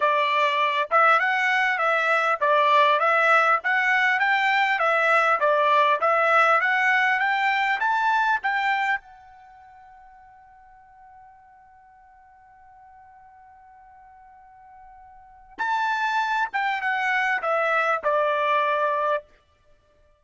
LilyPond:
\new Staff \with { instrumentName = "trumpet" } { \time 4/4 \tempo 4 = 100 d''4. e''8 fis''4 e''4 | d''4 e''4 fis''4 g''4 | e''4 d''4 e''4 fis''4 | g''4 a''4 g''4 fis''4~ |
fis''1~ | fis''1~ | fis''2 a''4. g''8 | fis''4 e''4 d''2 | }